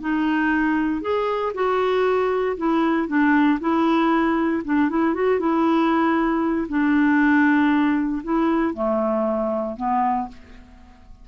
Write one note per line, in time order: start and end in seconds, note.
0.00 1.01 D#4
1.01 1.52 G#4
1.54 2.56 F#4
2.57 3.07 E4
3.07 3.59 D4
3.60 4.62 E4
4.64 4.89 D4
4.89 5.14 E4
5.14 5.39 F#4
5.39 6.67 E4
6.68 8.22 D4
8.23 8.73 E4
8.73 9.76 A3
9.76 10.28 B3